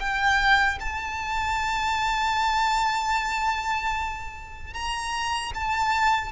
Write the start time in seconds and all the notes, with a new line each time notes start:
0.00 G5
0.80 A5
4.74 A#5
5.55 A5